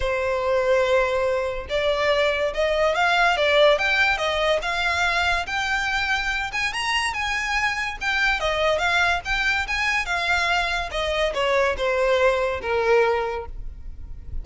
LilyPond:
\new Staff \with { instrumentName = "violin" } { \time 4/4 \tempo 4 = 143 c''1 | d''2 dis''4 f''4 | d''4 g''4 dis''4 f''4~ | f''4 g''2~ g''8 gis''8 |
ais''4 gis''2 g''4 | dis''4 f''4 g''4 gis''4 | f''2 dis''4 cis''4 | c''2 ais'2 | }